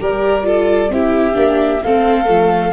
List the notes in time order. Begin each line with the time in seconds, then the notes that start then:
0.00 G3 G4 A#4 D5
0.44 F4 A4
0.90 C4 E4 G4 E5
1.34 A#3 D4
1.83 A3 C4 A4 F5
2.25 F3 A3